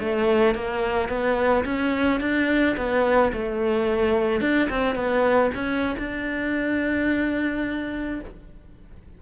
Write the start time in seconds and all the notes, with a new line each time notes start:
0.00 A3
0.56 A#3
1.09 B3
1.65 C#4
2.21 D4
2.77 B3
3.33 A3
4.41 D4
4.70 C4
4.96 B3
5.55 C#4
5.99 D4